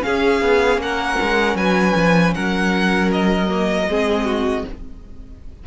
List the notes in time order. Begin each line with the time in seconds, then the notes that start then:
0.00 C#4 G#4 F5
0.41 B3
0.77 A#3 A#4 F#5
1.21 G#3
1.55 F#3 B4 G#5
1.96 F3
2.34 F#3 A#4 F#5
3.12 D#5
3.48 A#3
3.87 G#3 C4 G#4
4.25 F#4